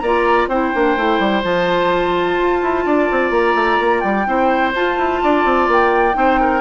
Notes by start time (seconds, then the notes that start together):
0.00 A#3 F4 D5 A#5
0.48 C4 E4 C5 G5
0.74 A#3 D4
0.97 A3 E4
1.20 G3
1.44 F3 F4 A5
2.38 F4
2.62 E4
2.86 D4 D5
3.12 C4
3.31 A#3 A#5
3.56 A3
3.80 A#3
4.00 G3 G5
4.27 C4 E4 C5
4.75 F4 A5
4.98 E4
5.23 D4 D5
5.45 C4
5.68 A#3 G5
6.13 C4 D#4 C5
6.41 A#4